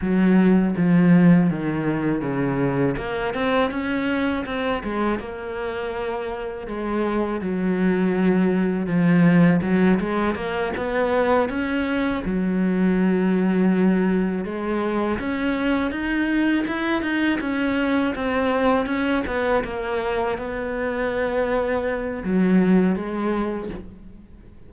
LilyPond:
\new Staff \with { instrumentName = "cello" } { \time 4/4 \tempo 4 = 81 fis4 f4 dis4 cis4 | ais8 c'8 cis'4 c'8 gis8 ais4~ | ais4 gis4 fis2 | f4 fis8 gis8 ais8 b4 cis'8~ |
cis'8 fis2. gis8~ | gis8 cis'4 dis'4 e'8 dis'8 cis'8~ | cis'8 c'4 cis'8 b8 ais4 b8~ | b2 fis4 gis4 | }